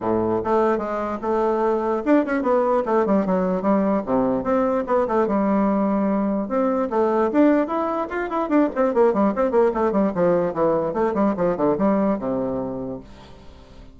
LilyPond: \new Staff \with { instrumentName = "bassoon" } { \time 4/4 \tempo 4 = 148 a,4 a4 gis4 a4~ | a4 d'8 cis'8 b4 a8 g8 | fis4 g4 c4 c'4 | b8 a8 g2. |
c'4 a4 d'4 e'4 | f'8 e'8 d'8 c'8 ais8 g8 c'8 ais8 | a8 g8 f4 e4 a8 g8 | f8 d8 g4 c2 | }